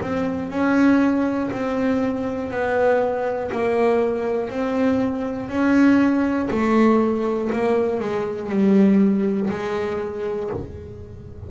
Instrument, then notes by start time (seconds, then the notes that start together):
double bass
0.00 C4
0.50 C#4
1.50 C4
2.50 B3
3.51 A#3
4.50 C4
5.49 C#4
6.50 A3
7.52 A#3
8.00 G#3
8.49 G3
9.50 G#3